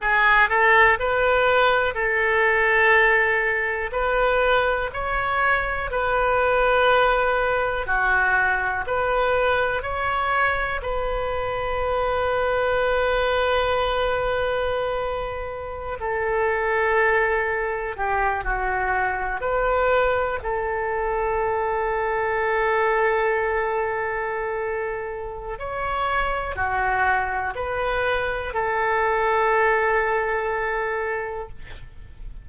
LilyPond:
\new Staff \with { instrumentName = "oboe" } { \time 4/4 \tempo 4 = 61 gis'8 a'8 b'4 a'2 | b'4 cis''4 b'2 | fis'4 b'4 cis''4 b'4~ | b'1~ |
b'16 a'2 g'8 fis'4 b'16~ | b'8. a'2.~ a'16~ | a'2 cis''4 fis'4 | b'4 a'2. | }